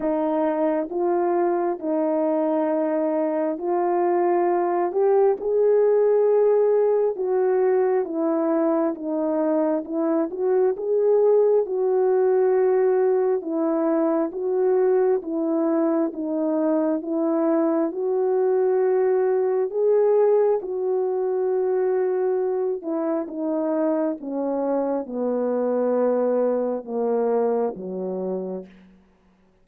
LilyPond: \new Staff \with { instrumentName = "horn" } { \time 4/4 \tempo 4 = 67 dis'4 f'4 dis'2 | f'4. g'8 gis'2 | fis'4 e'4 dis'4 e'8 fis'8 | gis'4 fis'2 e'4 |
fis'4 e'4 dis'4 e'4 | fis'2 gis'4 fis'4~ | fis'4. e'8 dis'4 cis'4 | b2 ais4 fis4 | }